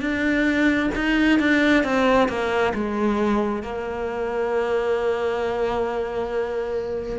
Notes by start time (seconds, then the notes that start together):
0.00 D4
0.94 D#4
1.39 D4
1.84 C4
2.28 A#3
2.74 G#3
3.62 A#3